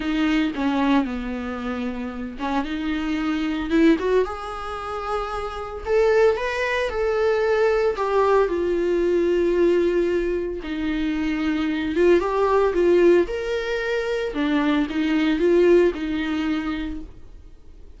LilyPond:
\new Staff \with { instrumentName = "viola" } { \time 4/4 \tempo 4 = 113 dis'4 cis'4 b2~ | b8 cis'8 dis'2 e'8 fis'8 | gis'2. a'4 | b'4 a'2 g'4 |
f'1 | dis'2~ dis'8 f'8 g'4 | f'4 ais'2 d'4 | dis'4 f'4 dis'2 | }